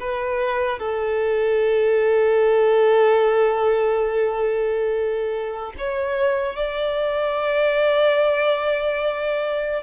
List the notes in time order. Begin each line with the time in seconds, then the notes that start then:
0.00 B4
0.79 A4
5.78 C#5
6.56 D5